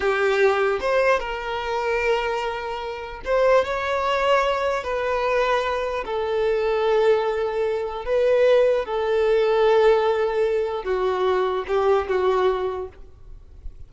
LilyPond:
\new Staff \with { instrumentName = "violin" } { \time 4/4 \tempo 4 = 149 g'2 c''4 ais'4~ | ais'1 | c''4 cis''2. | b'2. a'4~ |
a'1 | b'2 a'2~ | a'2. fis'4~ | fis'4 g'4 fis'2 | }